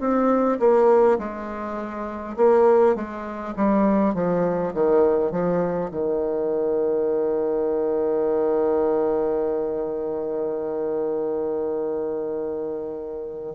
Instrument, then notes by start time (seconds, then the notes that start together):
bassoon
0.00 C4
0.59 A#3
1.19 G#3
2.36 A#3
2.95 G#3
3.56 G3
4.14 F3
4.74 D#3
5.31 F3
5.91 D#3